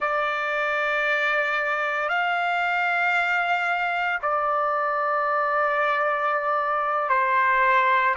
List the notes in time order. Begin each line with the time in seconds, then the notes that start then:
0.00 D5
2.08 F5
4.22 D5
7.09 C5